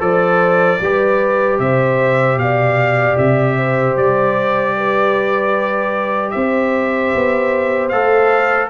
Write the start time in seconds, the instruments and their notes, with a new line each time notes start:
0.00 tuba F3, trombone A4, horn C5, trumpet D5
0.81 tuba G3, trombone G4, horn B4
1.59 tuba C3, horn C5, trumpet E5
2.37 tuba B2, horn D5, trumpet F5
3.18 tuba C3, trumpet E5
3.57 horn C5
3.97 tuba G3, trumpet D5
4.77 horn B4
6.31 tuba C4, horn C5, trumpet E5
7.15 tuba B3
7.89 tuba A3, trombone A4, trumpet F5